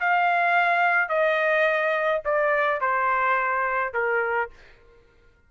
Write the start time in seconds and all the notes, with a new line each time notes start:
0.00 F5
1.09 D#5
2.25 D5
2.81 C5
3.93 A#4